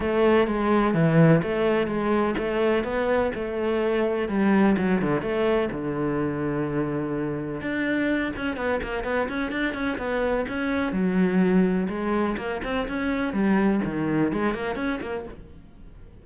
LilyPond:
\new Staff \with { instrumentName = "cello" } { \time 4/4 \tempo 4 = 126 a4 gis4 e4 a4 | gis4 a4 b4 a4~ | a4 g4 fis8 d8 a4 | d1 |
d'4. cis'8 b8 ais8 b8 cis'8 | d'8 cis'8 b4 cis'4 fis4~ | fis4 gis4 ais8 c'8 cis'4 | g4 dis4 gis8 ais8 cis'8 ais8 | }